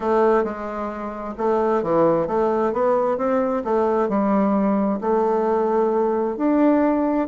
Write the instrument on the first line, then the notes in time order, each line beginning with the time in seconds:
bassoon
0.00 A3
0.44 G#3
1.37 A3
1.82 E3
2.27 A3
2.73 B3
3.17 C4
3.64 A3
4.08 G3
5.00 A3
6.37 D4